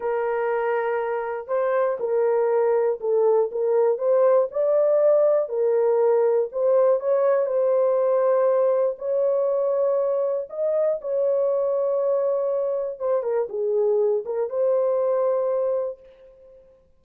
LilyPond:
\new Staff \with { instrumentName = "horn" } { \time 4/4 \tempo 4 = 120 ais'2. c''4 | ais'2 a'4 ais'4 | c''4 d''2 ais'4~ | ais'4 c''4 cis''4 c''4~ |
c''2 cis''2~ | cis''4 dis''4 cis''2~ | cis''2 c''8 ais'8 gis'4~ | gis'8 ais'8 c''2. | }